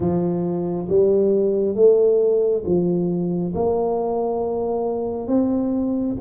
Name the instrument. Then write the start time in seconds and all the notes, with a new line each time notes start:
tuba
0.00 F3
0.88 G3
1.75 A3
2.65 F3
3.54 A#3
5.27 C4